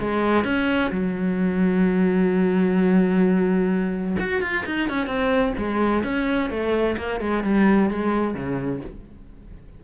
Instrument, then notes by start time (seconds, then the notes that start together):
cello
0.00 G#3
0.44 C#4
0.91 F#3
4.20 F#4
4.42 F4
4.66 D#4
4.89 C#4
5.07 C4
5.58 G#3
6.04 C#4
6.50 A3
6.97 A#3
7.20 G#3
7.44 G3
7.90 G#3
8.34 C#3